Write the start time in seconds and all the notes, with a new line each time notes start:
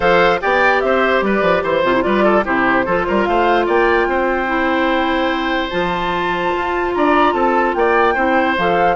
0.00 F3 A4 C5 F5
0.41 B3 G4 D5 G5
0.80 C4 C5 E5
1.21 G3 B4 D5
1.41 F3
1.63 E3 C5
1.83 C3 F4
1.94 E4
2.01 G3 F4 B4 D5
2.24 A4
2.44 C3 E4 G4 C5
2.85 F3 F4 A4
3.07 G3 A#4
3.24 A3 C5 F5
3.66 A#3 D5 G5
4.07 C4 C5
4.46 E4
5.69 F3 F4 A5
6.56 F4
6.94 D4 D5 A#5
7.32 C4 A4 A5
7.74 A#3 D5 G5
8.14 C4 E4 C5
8.58 F3 A4 F5